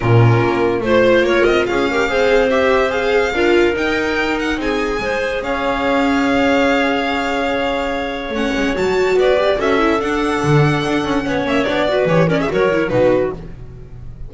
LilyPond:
<<
  \new Staff \with { instrumentName = "violin" } { \time 4/4 \tempo 4 = 144 ais'2 c''4 cis''8 dis''8 | f''2 e''4 f''4~ | f''4 g''4. fis''8 gis''4~ | gis''4 f''2.~ |
f''1 | fis''4 a''4 d''4 e''4 | fis''2.~ fis''8 e''8 | d''4 cis''8 d''16 e''16 cis''4 b'4 | }
  \new Staff \with { instrumentName = "clarinet" } { \time 4/4 f'2 c''4 ais'4 | gis'8 ais'8 c''2. | ais'2. gis'4 | c''4 cis''2.~ |
cis''1~ | cis''2 b'4 a'4~ | a'2. cis''4~ | cis''8 b'4 ais'16 gis'16 ais'4 fis'4 | }
  \new Staff \with { instrumentName = "viola" } { \time 4/4 cis'2 f'2~ | f'8 g'8 gis'4 g'4 gis'4 | f'4 dis'2. | gis'1~ |
gis'1 | cis'4 fis'4. g'8 fis'8 e'8 | d'2. cis'4 | d'8 fis'8 g'8 cis'8 fis'8 e'8 dis'4 | }
  \new Staff \with { instrumentName = "double bass" } { \time 4/4 ais,4 ais4 a4 ais8 c'8 | cis'4 c'2. | d'4 dis'2 c'4 | gis4 cis'2.~ |
cis'1 | a8 gis8 fis4 b4 cis'4 | d'4 d4 d'8 cis'8 b8 ais8 | b4 e4 fis4 b,4 | }
>>